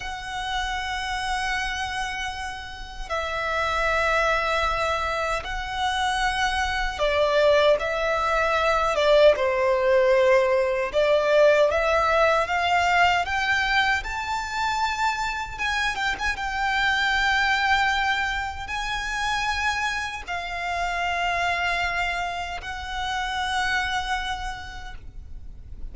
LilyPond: \new Staff \with { instrumentName = "violin" } { \time 4/4 \tempo 4 = 77 fis''1 | e''2. fis''4~ | fis''4 d''4 e''4. d''8 | c''2 d''4 e''4 |
f''4 g''4 a''2 | gis''8 g''16 gis''16 g''2. | gis''2 f''2~ | f''4 fis''2. | }